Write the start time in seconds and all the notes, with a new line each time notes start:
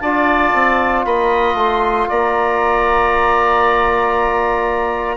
0.00 D4 F4 D5 A5
0.54 C4
1.05 A#3 D#5 B5
1.54 A3 C6
2.09 A#3 D5 A#5